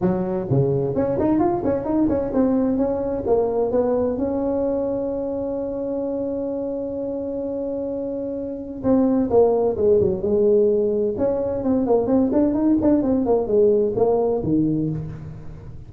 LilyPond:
\new Staff \with { instrumentName = "tuba" } { \time 4/4 \tempo 4 = 129 fis4 cis4 cis'8 dis'8 f'8 cis'8 | dis'8 cis'8 c'4 cis'4 ais4 | b4 cis'2.~ | cis'1~ |
cis'2. c'4 | ais4 gis8 fis8 gis2 | cis'4 c'8 ais8 c'8 d'8 dis'8 d'8 | c'8 ais8 gis4 ais4 dis4 | }